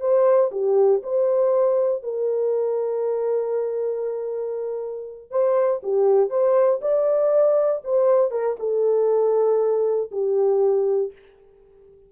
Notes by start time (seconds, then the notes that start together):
0.00 C5
0.51 G4
1.03 C5
2.03 A#4
5.30 C5
5.83 G4
6.30 C5
6.81 D5
7.84 C5
8.31 A#4
8.59 A4
10.11 G4